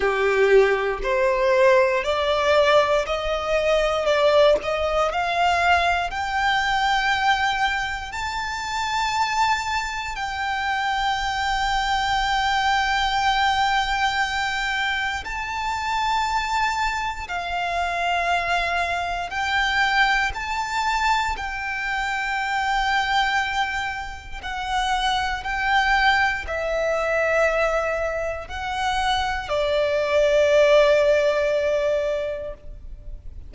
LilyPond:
\new Staff \with { instrumentName = "violin" } { \time 4/4 \tempo 4 = 59 g'4 c''4 d''4 dis''4 | d''8 dis''8 f''4 g''2 | a''2 g''2~ | g''2. a''4~ |
a''4 f''2 g''4 | a''4 g''2. | fis''4 g''4 e''2 | fis''4 d''2. | }